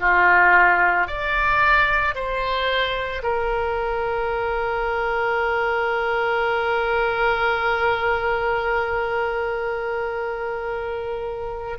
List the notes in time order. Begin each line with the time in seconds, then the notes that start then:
0.00 F4
1.07 D5
2.15 C5
3.22 A#4